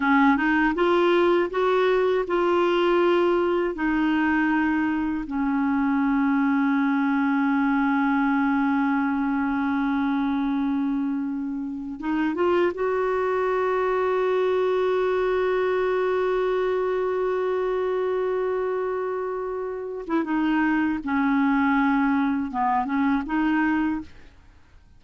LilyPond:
\new Staff \with { instrumentName = "clarinet" } { \time 4/4 \tempo 4 = 80 cis'8 dis'8 f'4 fis'4 f'4~ | f'4 dis'2 cis'4~ | cis'1~ | cis'1 |
dis'8 f'8 fis'2.~ | fis'1~ | fis'2~ fis'8. e'16 dis'4 | cis'2 b8 cis'8 dis'4 | }